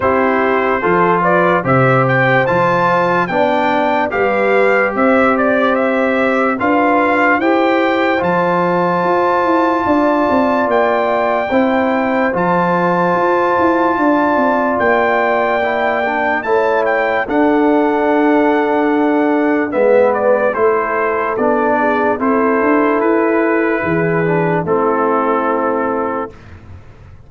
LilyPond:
<<
  \new Staff \with { instrumentName = "trumpet" } { \time 4/4 \tempo 4 = 73 c''4. d''8 e''8 g''8 a''4 | g''4 f''4 e''8 d''8 e''4 | f''4 g''4 a''2~ | a''4 g''2 a''4~ |
a''2 g''2 | a''8 g''8 fis''2. | e''8 d''8 c''4 d''4 c''4 | b'2 a'2 | }
  \new Staff \with { instrumentName = "horn" } { \time 4/4 g'4 a'8 b'8 c''2 | d''4 b'4 c''2 | b'4 c''2. | d''2 c''2~ |
c''4 d''2. | cis''4 a'2. | b'4 a'4. gis'8 a'4~ | a'4 gis'4 e'2 | }
  \new Staff \with { instrumentName = "trombone" } { \time 4/4 e'4 f'4 g'4 f'4 | d'4 g'2. | f'4 g'4 f'2~ | f'2 e'4 f'4~ |
f'2. e'8 d'8 | e'4 d'2. | b4 e'4 d'4 e'4~ | e'4. d'8 c'2 | }
  \new Staff \with { instrumentName = "tuba" } { \time 4/4 c'4 f4 c4 f4 | b4 g4 c'2 | d'4 e'4 f4 f'8 e'8 | d'8 c'8 ais4 c'4 f4 |
f'8 e'8 d'8 c'8 ais2 | a4 d'2. | gis4 a4 b4 c'8 d'8 | e'4 e4 a2 | }
>>